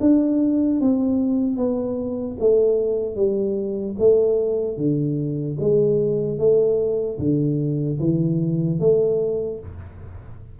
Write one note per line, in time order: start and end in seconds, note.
0.00 0.80 D4
0.80 1.56 C4
1.56 2.36 B3
2.40 3.16 A3
3.16 3.96 G3
3.99 4.77 A3
4.77 5.57 D3
5.59 6.38 G#3
6.38 7.18 A3
7.19 7.99 D3
8.00 8.80 E3
8.80 9.60 A3